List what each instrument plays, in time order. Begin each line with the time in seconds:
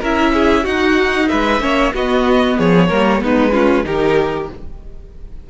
0.00 cello C#4, viola E4, violin A#4 E5
0.33 violin G#4
0.63 cello D#4, viola D#4, violin F#4 F#5
1.28 cello G#3, violin B4 E5
1.60 cello A#3, viola C#4, violin C#5
1.93 cello B3, viola B3, violin F#4 D#5
2.57 cello F3, violin G#4 C#5
2.88 cello G3, viola A#3, violin A#4
3.19 cello G#3, viola B3, violin D#4 B4
3.52 viola C#4, violin F4
3.84 cello D#3, viola D#4, violin G4 A#4